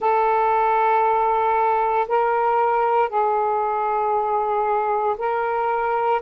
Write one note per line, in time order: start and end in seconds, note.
0.00 2.07 A4
2.08 3.08 A#4
3.08 5.15 G#4
5.17 6.21 A#4